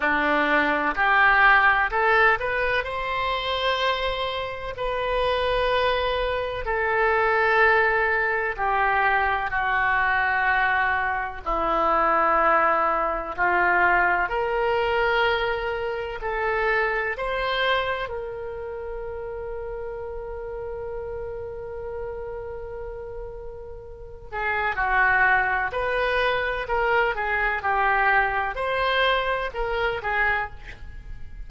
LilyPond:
\new Staff \with { instrumentName = "oboe" } { \time 4/4 \tempo 4 = 63 d'4 g'4 a'8 b'8 c''4~ | c''4 b'2 a'4~ | a'4 g'4 fis'2 | e'2 f'4 ais'4~ |
ais'4 a'4 c''4 ais'4~ | ais'1~ | ais'4. gis'8 fis'4 b'4 | ais'8 gis'8 g'4 c''4 ais'8 gis'8 | }